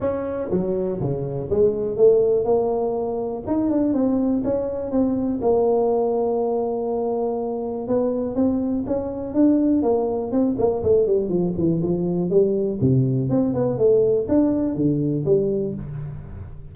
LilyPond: \new Staff \with { instrumentName = "tuba" } { \time 4/4 \tempo 4 = 122 cis'4 fis4 cis4 gis4 | a4 ais2 dis'8 d'8 | c'4 cis'4 c'4 ais4~ | ais1 |
b4 c'4 cis'4 d'4 | ais4 c'8 ais8 a8 g8 f8 e8 | f4 g4 c4 c'8 b8 | a4 d'4 d4 g4 | }